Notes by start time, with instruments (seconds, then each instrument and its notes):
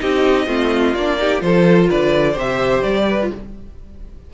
0.00 cello C4, viola D#4, violin G4 D#5
0.47 cello A3, viola C4, violin F4
0.94 cello A#3, viola D4, violin D5
1.19 viola D#4, violin G4
1.39 cello F3, viola F4, violin A4 C5
1.90 cello D3, violin B4 D5
2.32 cello C3, viola G4, violin C5
2.39 violin E5
2.83 cello G3, violin D5
3.08 violin B4
3.22 viola F4